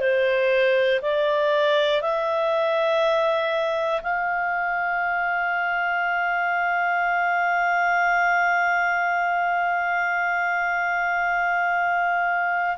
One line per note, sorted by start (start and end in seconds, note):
0.00 1.00 C5
1.02 2.01 D5
2.01 4.01 E5
4.02 12.77 F5